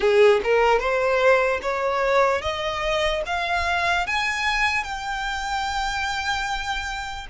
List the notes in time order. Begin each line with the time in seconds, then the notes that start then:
0.00 G#4
0.43 A#4
0.79 C5
1.61 C#5
2.41 D#5
3.25 F5
4.06 G#5
4.83 G5